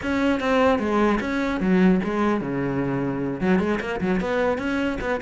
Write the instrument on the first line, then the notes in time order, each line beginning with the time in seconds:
cello
0.02 C#4
0.40 C4
0.79 G#3
1.20 C#4
1.60 F#3
2.03 G#3
2.41 C#3
3.41 F#3
3.59 G#3
3.80 A#3
4.00 F#3
4.20 B3
4.58 C#4
5.00 B3